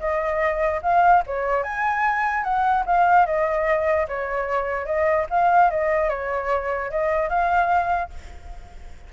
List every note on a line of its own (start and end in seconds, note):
0.00 0.81 D#5
0.83 1.23 F5
1.27 1.63 C#5
1.63 2.44 G#5
2.44 2.84 F#5
2.86 3.26 F5
3.26 4.07 D#5
4.08 4.86 C#5
4.86 5.26 D#5
5.30 5.71 F5
5.71 6.09 D#5
6.09 6.90 C#5
6.90 7.29 D#5
7.29 8.10 F5